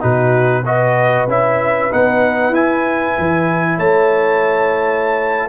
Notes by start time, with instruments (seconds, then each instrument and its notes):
0.00 tuba B2, trombone D#4, horn F#4, trumpet B4
0.65 trombone F#4, horn B4, trumpet D#5
1.27 tuba C#4, trombone E4, trumpet E5
1.91 tuba B3, trombone D#4, trumpet F#5
2.49 tuba E4, trombone E4, trumpet G#5
3.19 tuba E3
3.77 tuba A3, horn C#5, trumpet A5